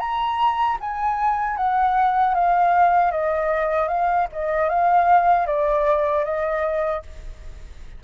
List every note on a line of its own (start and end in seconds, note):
0.00 0.78 A#5
0.81 1.57 G#5
1.57 2.34 F#5
2.34 3.11 F5
3.11 3.88 D#5
3.88 4.27 F5
4.32 4.69 D#5
4.69 5.47 F5
5.47 6.24 D5
6.24 7.02 D#5